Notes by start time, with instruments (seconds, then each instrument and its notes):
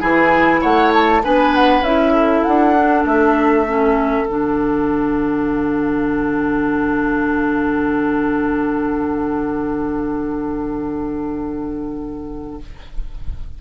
0.00 bassoon E3, clarinet E4, oboe G#4, flute G#5
0.61 bassoon A3, oboe C#5, flute F#5
0.94 flute A5
1.23 bassoon B3, clarinet D4, oboe B4, flute G#5
1.55 flute F#5
1.82 bassoon C#4, clarinet E4, flute E5
2.13 oboe A4
2.44 bassoon D4, flute F#5
2.76 clarinet D4
3.04 bassoon A3, flute E5
3.66 clarinet C#4
4.25 bassoon D3, clarinet D4, flute F#5